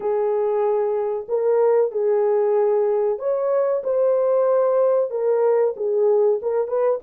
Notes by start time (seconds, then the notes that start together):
0.00 G#4
1.28 A#4
1.91 G#4
3.18 C#5
3.83 C5
5.10 A#4
5.76 G#4
6.41 A#4
6.67 B4